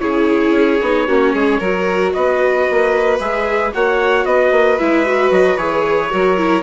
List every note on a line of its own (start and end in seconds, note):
0.00 0.51 C#3
0.00 0.80 E4
0.00 1.08 G#4
0.00 2.12 C#5
0.51 0.77 C#4
0.82 1.09 B3
0.82 1.08 D#4
1.08 1.35 A#3
1.08 1.61 C#4
1.08 1.33 F#4
1.33 1.61 G#3
1.33 1.60 G#4
1.60 2.14 F#3
1.60 3.20 F#4
1.60 2.13 A#4
2.14 2.69 B3
2.14 3.74 B4
2.14 3.20 D#5
2.71 3.20 A#3
3.20 3.73 G#3
3.20 3.73 G#4
3.20 3.74 E5
3.74 4.25 A#3
3.74 4.80 F#4
3.74 4.27 C#5
3.74 4.26 F#5
4.25 4.52 B3
4.25 6.12 B4
4.25 4.79 D#5
4.52 4.78 A#3
4.79 5.31 G#3
4.79 5.06 E4
4.79 5.32 E5
5.06 5.58 F#4
5.31 5.57 F#3
5.31 5.58 D#5
5.57 6.10 E3
5.57 6.11 G#4
5.57 6.63 C#5
6.11 6.63 F#3
6.11 6.37 F#4
6.11 6.63 A#4
6.38 6.63 E4